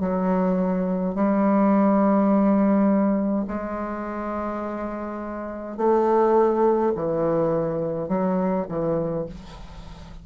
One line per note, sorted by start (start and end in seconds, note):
0.00 1.15 F#3
1.15 3.46 G3
3.48 5.77 G#3
5.77 6.92 A3
6.95 8.08 E3
8.08 8.66 F#3
8.68 9.26 E3